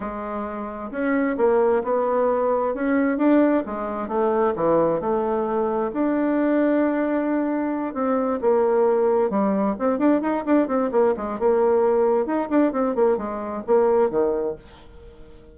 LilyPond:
\new Staff \with { instrumentName = "bassoon" } { \time 4/4 \tempo 4 = 132 gis2 cis'4 ais4 | b2 cis'4 d'4 | gis4 a4 e4 a4~ | a4 d'2.~ |
d'4. c'4 ais4.~ | ais8 g4 c'8 d'8 dis'8 d'8 c'8 | ais8 gis8 ais2 dis'8 d'8 | c'8 ais8 gis4 ais4 dis4 | }